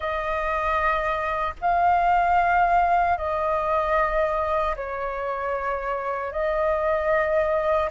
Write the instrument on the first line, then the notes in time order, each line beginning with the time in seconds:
flute
0.00 D#5
1.61 F5
3.17 D#5
4.75 C#5
6.32 D#5